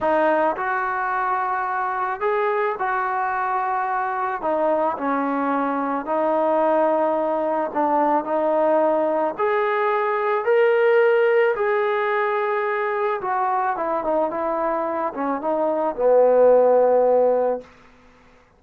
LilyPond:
\new Staff \with { instrumentName = "trombone" } { \time 4/4 \tempo 4 = 109 dis'4 fis'2. | gis'4 fis'2. | dis'4 cis'2 dis'4~ | dis'2 d'4 dis'4~ |
dis'4 gis'2 ais'4~ | ais'4 gis'2. | fis'4 e'8 dis'8 e'4. cis'8 | dis'4 b2. | }